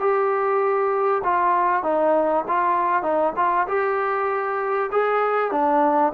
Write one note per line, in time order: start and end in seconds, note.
0.00 1.22 G4
1.24 1.83 F4
1.83 2.44 D#4
2.48 3.03 F4
3.03 3.33 D#4
3.36 3.67 F4
3.68 4.90 G4
4.92 5.52 G#4
5.52 6.13 D4